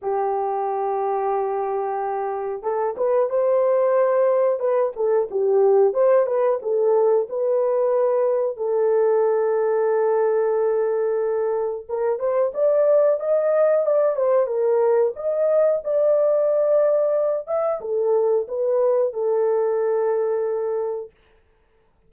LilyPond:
\new Staff \with { instrumentName = "horn" } { \time 4/4 \tempo 4 = 91 g'1 | a'8 b'8 c''2 b'8 a'8 | g'4 c''8 b'8 a'4 b'4~ | b'4 a'2.~ |
a'2 ais'8 c''8 d''4 | dis''4 d''8 c''8 ais'4 dis''4 | d''2~ d''8 e''8 a'4 | b'4 a'2. | }